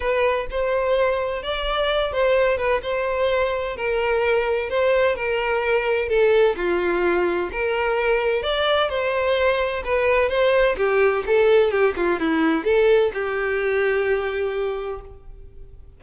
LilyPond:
\new Staff \with { instrumentName = "violin" } { \time 4/4 \tempo 4 = 128 b'4 c''2 d''4~ | d''8 c''4 b'8 c''2 | ais'2 c''4 ais'4~ | ais'4 a'4 f'2 |
ais'2 d''4 c''4~ | c''4 b'4 c''4 g'4 | a'4 g'8 f'8 e'4 a'4 | g'1 | }